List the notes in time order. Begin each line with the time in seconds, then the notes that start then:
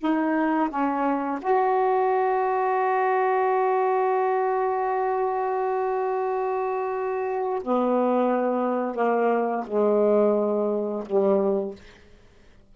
0.00 D#4
0.70 C#4
1.42 F#4
7.64 B3
8.95 A#3
9.67 G#3
11.06 G3